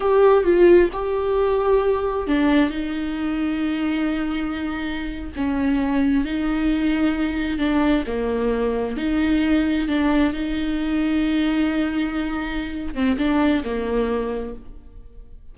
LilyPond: \new Staff \with { instrumentName = "viola" } { \time 4/4 \tempo 4 = 132 g'4 f'4 g'2~ | g'4 d'4 dis'2~ | dis'2.~ dis'8. cis'16~ | cis'4.~ cis'16 dis'2~ dis'16~ |
dis'8. d'4 ais2 dis'16~ | dis'4.~ dis'16 d'4 dis'4~ dis'16~ | dis'1~ | dis'8 c'8 d'4 ais2 | }